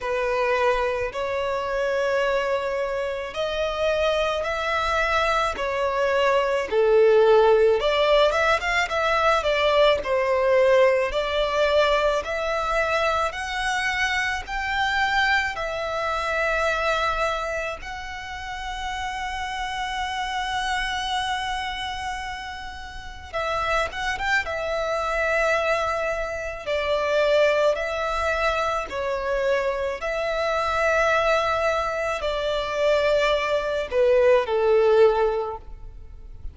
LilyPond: \new Staff \with { instrumentName = "violin" } { \time 4/4 \tempo 4 = 54 b'4 cis''2 dis''4 | e''4 cis''4 a'4 d''8 e''16 f''16 | e''8 d''8 c''4 d''4 e''4 | fis''4 g''4 e''2 |
fis''1~ | fis''4 e''8 fis''16 g''16 e''2 | d''4 e''4 cis''4 e''4~ | e''4 d''4. b'8 a'4 | }